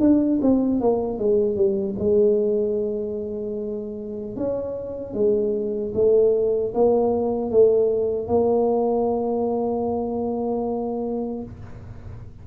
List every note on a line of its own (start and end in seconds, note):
0.00 0.39 D4
0.42 0.80 C4
0.80 1.18 A#3
1.18 1.56 G#3
1.56 1.95 G3
1.99 4.36 G#3
4.36 5.14 C#4
5.14 5.93 G#3
5.94 6.73 A3
6.74 7.51 A#3
7.51 8.28 A3
8.28 11.43 A#3